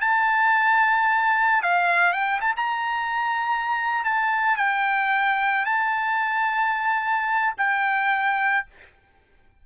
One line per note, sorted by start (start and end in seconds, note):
0.00 1.62 A5
1.62 2.13 F5
2.13 2.40 G5
2.41 2.54 A5
2.56 4.04 A#5
4.04 4.57 A5
4.57 5.65 G5
5.65 7.54 A5
7.57 8.66 G5